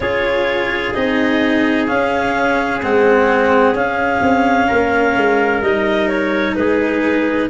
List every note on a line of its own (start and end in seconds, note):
0.00 0.92 C#4
0.00 0.94 F4
0.00 4.67 G#4
0.00 0.93 C#5
0.93 1.88 C4
0.93 1.87 D#4
0.93 1.87 D#5
1.87 2.81 C#4
1.87 2.82 C#4
1.87 2.81 F5
2.82 3.72 G#3
2.82 3.74 C4
2.82 3.76 F#5
3.72 4.19 C#4
3.72 5.62 C#4
3.72 5.61 F5
4.21 4.68 C4
4.67 5.16 A#3
4.67 6.55 A#4
5.16 5.61 G#3
5.61 6.55 G3
5.61 7.49 D#4
5.61 6.07 D#5
6.07 6.54 C#5
6.55 7.49 G#3
6.55 7.49 G#4
6.55 7.48 B4